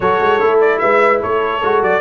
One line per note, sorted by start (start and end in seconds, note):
0.00 0.19 F#3
0.00 0.40 F#4
0.00 0.81 A4
0.00 0.59 C#5
0.19 0.39 G#3
0.40 0.81 A3
0.40 1.61 E4
0.60 0.78 D5
0.78 1.22 G#3
0.78 1.21 B4
0.78 1.19 E5
1.21 1.62 A3
1.21 2.01 A4
1.21 1.83 C#5
1.62 1.81 G#3
1.62 2.01 F#4
1.81 2.01 F#3
1.81 2.01 D5